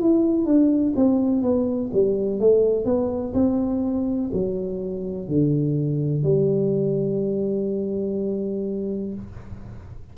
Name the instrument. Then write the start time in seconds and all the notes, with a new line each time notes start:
tuba
0.00 E4
0.45 D4
0.96 C4
1.43 B3
1.93 G3
2.40 A3
2.85 B3
3.34 C4
4.33 F#3
5.28 D3
6.23 G3